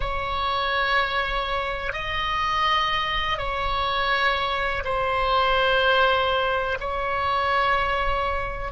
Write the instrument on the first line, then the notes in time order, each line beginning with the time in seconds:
oboe
0.00 C#5
1.93 D#5
3.37 C#5
4.84 C5
6.80 C#5